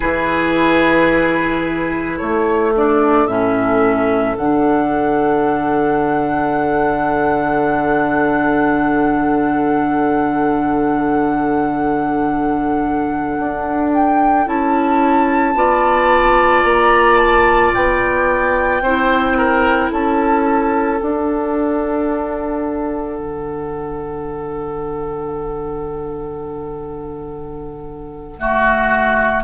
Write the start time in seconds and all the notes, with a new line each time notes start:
0.00 E3 E4 G#4 B4
2.17 A3 A4 C#5
2.75 D4 D5
3.26 A2 C#4 E5
4.36 D3 D4 F#5
13.38 D4
13.93 G5
14.46 C#4 E4 A5
15.54 B3 F4 D5
16.63 A#3 A#5
17.17 A5
17.73 B3 G5
18.81 C4 E4 C5
19.37 A#4
19.91 C#4 A4 A5
20.99 D4 F#5
23.18 D3
28.38 A3 F#4